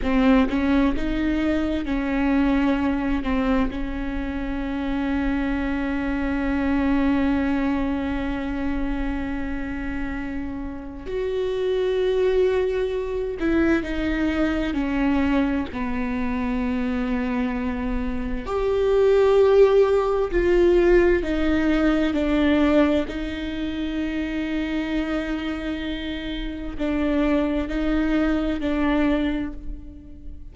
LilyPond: \new Staff \with { instrumentName = "viola" } { \time 4/4 \tempo 4 = 65 c'8 cis'8 dis'4 cis'4. c'8 | cis'1~ | cis'1 | fis'2~ fis'8 e'8 dis'4 |
cis'4 b2. | g'2 f'4 dis'4 | d'4 dis'2.~ | dis'4 d'4 dis'4 d'4 | }